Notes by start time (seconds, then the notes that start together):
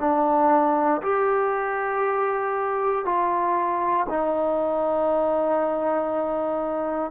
0.00 D4
1.03 G4
3.05 F4
4.09 D#4